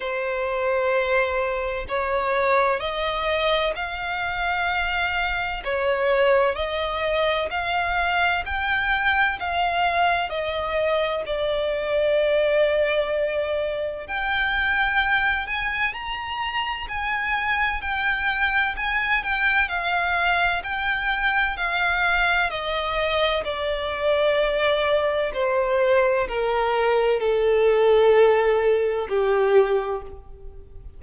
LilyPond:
\new Staff \with { instrumentName = "violin" } { \time 4/4 \tempo 4 = 64 c''2 cis''4 dis''4 | f''2 cis''4 dis''4 | f''4 g''4 f''4 dis''4 | d''2. g''4~ |
g''8 gis''8 ais''4 gis''4 g''4 | gis''8 g''8 f''4 g''4 f''4 | dis''4 d''2 c''4 | ais'4 a'2 g'4 | }